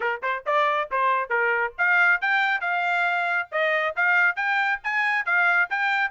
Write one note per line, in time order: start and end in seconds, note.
0.00 0.21 A#4
0.22 0.44 C5
0.46 0.89 D5
0.91 1.29 C5
1.29 1.73 A#4
1.77 2.21 F5
2.21 2.61 G5
2.61 3.48 F5
3.51 3.95 D#5
3.96 4.36 F5
4.36 4.80 G5
4.83 5.25 G#5
5.25 5.69 F5
5.70 6.11 G5